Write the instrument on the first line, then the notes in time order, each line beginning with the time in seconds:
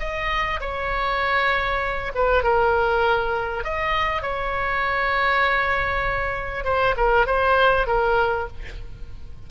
oboe
0.00 D#5
0.61 C#5
2.15 B4
2.44 A#4
3.64 D#5
4.22 C#5
6.65 C5
6.97 A#4
7.27 C5
7.87 A#4